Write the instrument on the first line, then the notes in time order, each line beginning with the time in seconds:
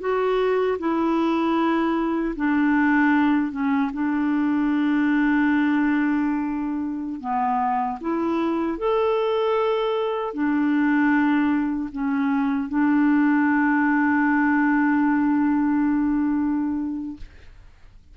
clarinet
0.00 F#4
0.79 E4
2.36 D4
3.52 C#4
3.93 D4
7.20 B3
8.01 E4
8.78 A4
10.34 D4
11.92 C#4
12.69 D4